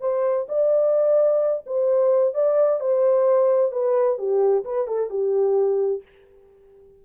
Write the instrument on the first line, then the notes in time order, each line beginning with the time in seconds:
horn
0.00 C5
0.48 D5
1.66 C5
2.34 D5
2.80 C5
3.72 B4
4.18 G4
4.64 B4
4.87 A4
5.10 G4